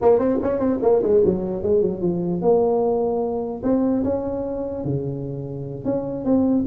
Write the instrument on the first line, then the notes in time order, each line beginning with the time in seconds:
tuba
0.01 A#3
0.18 C4
0.42 C#4
0.59 C4
0.82 A#3
1.02 G#3
1.25 F#3
1.62 G#3
1.81 F#3
2.01 F3
2.41 A#3
3.63 C4
4.04 C#4
4.84 C#3
5.84 C#4
6.24 C4